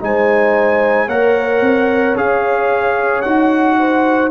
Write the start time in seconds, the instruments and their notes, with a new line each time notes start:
0.00 tuba G#3, trombone D#4, horn C5, trumpet G#5
1.06 tuba A#3, trombone A#4, horn C#5, trumpet F#5
1.60 tuba C4
2.15 tuba C#4, trombone G#4, trumpet F5
3.21 tuba D#4, trombone F#4, trumpet F#5
3.78 horn C5